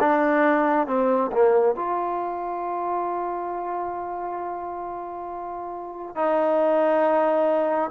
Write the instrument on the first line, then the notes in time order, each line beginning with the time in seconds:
trombone
0.00 D4
0.87 C4
1.32 A#3
1.76 F4
6.15 D#4